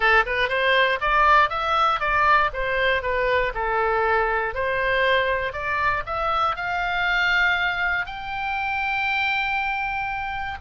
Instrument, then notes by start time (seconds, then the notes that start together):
oboe
0.00 A4
0.25 B4
0.48 C5
1.00 D5
1.49 E5
2.00 D5
2.53 C5
3.02 B4
3.54 A4
4.54 C5
5.52 D5
6.06 E5
6.55 F5
8.06 G5